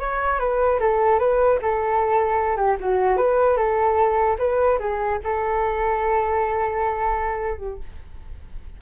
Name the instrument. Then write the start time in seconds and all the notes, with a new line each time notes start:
flute
0.00 C#5
0.39 B4
0.80 A4
1.19 B4
1.62 A4
2.57 G4
2.80 F#4
3.17 B4
3.57 A4
4.39 B4
4.79 G#4
5.24 A4
7.58 G4